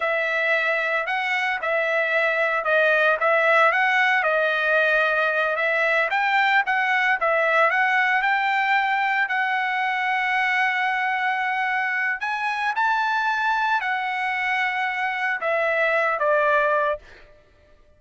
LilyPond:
\new Staff \with { instrumentName = "trumpet" } { \time 4/4 \tempo 4 = 113 e''2 fis''4 e''4~ | e''4 dis''4 e''4 fis''4 | dis''2~ dis''8 e''4 g''8~ | g''8 fis''4 e''4 fis''4 g''8~ |
g''4. fis''2~ fis''8~ | fis''2. gis''4 | a''2 fis''2~ | fis''4 e''4. d''4. | }